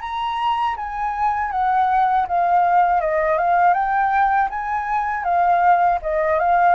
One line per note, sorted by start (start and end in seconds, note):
0.00 0.75 A#5
0.76 1.51 G#5
1.51 2.26 F#5
2.27 3.00 F5
3.00 3.38 D#5
3.38 3.73 F5
3.73 4.48 G5
4.49 5.24 G#5
5.24 5.99 F5
6.02 6.39 D#5
6.39 6.75 F5